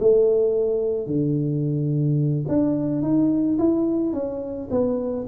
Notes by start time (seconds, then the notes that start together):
0.00 A3
1.07 D3
2.49 D4
3.03 D#4
3.59 E4
4.13 C#4
4.71 B3